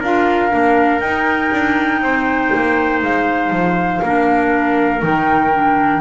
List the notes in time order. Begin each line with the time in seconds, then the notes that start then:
0.00 D4 F4 A#4 F5
0.50 A#3 D4
1.00 D#4 G5
1.52 D4
2.01 C4 C5
2.55 A#3
3.02 G#3 F5
3.50 F3
4.02 A#3 D4 A#4
5.00 D#3 D#4 G5
5.53 D4